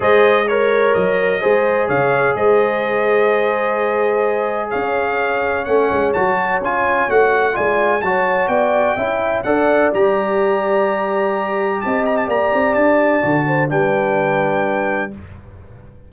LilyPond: <<
  \new Staff \with { instrumentName = "trumpet" } { \time 4/4 \tempo 4 = 127 dis''4 cis''4 dis''2 | f''4 dis''2.~ | dis''2 f''2 | fis''4 a''4 gis''4 fis''4 |
gis''4 a''4 g''2 | fis''4 ais''2.~ | ais''4 a''8 ais''16 a''16 ais''4 a''4~ | a''4 g''2. | }
  \new Staff \with { instrumentName = "horn" } { \time 4/4 c''4 cis''2 c''4 | cis''4 c''2.~ | c''2 cis''2~ | cis''1 |
d''4 cis''4 d''4 e''4 | d''1~ | d''4 dis''4 d''2~ | d''8 c''8 b'2. | }
  \new Staff \with { instrumentName = "trombone" } { \time 4/4 gis'4 ais'2 gis'4~ | gis'1~ | gis'1 | cis'4 fis'4 f'4 fis'4 |
f'4 fis'2 e'4 | a'4 g'2.~ | g'1 | fis'4 d'2. | }
  \new Staff \with { instrumentName = "tuba" } { \time 4/4 gis2 fis4 gis4 | cis4 gis2.~ | gis2 cis'2 | a8 gis8 fis4 cis'4 a4 |
gis4 fis4 b4 cis'4 | d'4 g2.~ | g4 c'4 ais8 c'8 d'4 | d4 g2. | }
>>